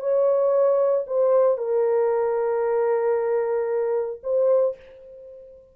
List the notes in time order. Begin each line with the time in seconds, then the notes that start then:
0.00 C#5
1.07 C5
1.58 A#4
4.23 C5